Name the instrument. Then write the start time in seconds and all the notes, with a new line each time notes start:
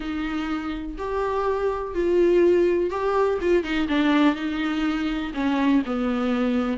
viola
0.00 D#4
0.98 G4
1.94 F4
2.90 G4
3.41 F4
3.63 D#4
3.88 D4
4.35 D#4
5.34 C#4
5.85 B3